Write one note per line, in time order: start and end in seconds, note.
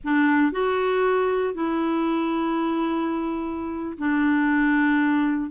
0.03 0.52 D4
0.52 1.53 F#4
1.53 3.97 E4
3.98 5.50 D4